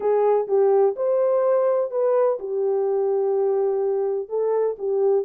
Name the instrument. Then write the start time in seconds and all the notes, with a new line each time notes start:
horn
0.00 G#4
0.47 G4
0.96 C5
1.90 B4
2.39 G4
4.28 A4
4.78 G4